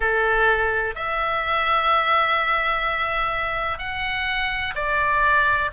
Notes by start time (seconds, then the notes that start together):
0.00 A4
0.95 E5
3.78 F#5
4.75 D5